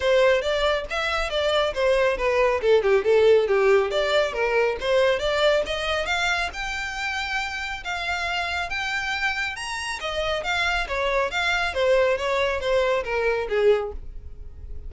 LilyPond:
\new Staff \with { instrumentName = "violin" } { \time 4/4 \tempo 4 = 138 c''4 d''4 e''4 d''4 | c''4 b'4 a'8 g'8 a'4 | g'4 d''4 ais'4 c''4 | d''4 dis''4 f''4 g''4~ |
g''2 f''2 | g''2 ais''4 dis''4 | f''4 cis''4 f''4 c''4 | cis''4 c''4 ais'4 gis'4 | }